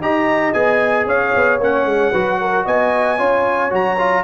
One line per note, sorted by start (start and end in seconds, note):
0.00 0.53 D#4
0.00 0.53 G4
0.00 1.07 D#5
0.00 0.53 A#5
0.53 1.05 B3
0.53 1.59 G#4
0.53 1.06 G#5
1.05 1.32 C#4
1.05 2.12 C#5
1.05 1.61 F5
1.35 1.59 B3
1.59 1.85 A#3
1.59 2.14 C#4
1.59 2.67 F#5
1.85 2.11 G#3
2.12 2.66 F#3
2.12 3.18 F#4
2.12 2.38 B4
2.41 2.65 A#4
2.65 3.19 B3
2.65 3.18 D#5
2.65 3.73 G#5
3.18 3.71 C#4
3.18 3.70 F4
3.18 4.23 C#5
3.70 4.23 F#3
3.70 3.96 F#4
3.70 4.23 A#5
3.98 4.23 F4